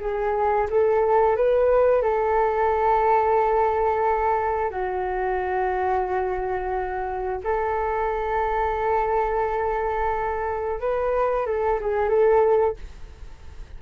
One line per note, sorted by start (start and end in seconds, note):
0.00 0.67 G#4
0.70 1.36 A4
1.36 2.02 B4
2.02 4.71 A4
4.71 7.41 F#4
7.44 10.80 A4
10.80 11.46 B4
11.46 11.80 A4
11.81 12.09 G#4
12.09 12.77 A4